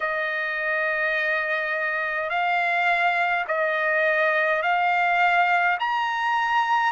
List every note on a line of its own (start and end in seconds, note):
0.00 2.29 D#5
2.29 3.45 F5
3.47 4.62 D#5
4.62 5.77 F5
5.80 6.92 A#5